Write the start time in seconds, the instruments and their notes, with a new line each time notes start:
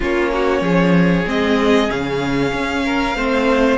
0.00 cello A#3, viola C#4, violin F4 C#5
0.33 violin F#4
0.61 cello F3, violin G#4
1.26 cello G#3, viola C4, violin D#5
1.89 cello C#3, viola C#4, violin F5
2.52 cello C#4
2.85 violin A#4
3.15 cello A3, viola C4, violin C5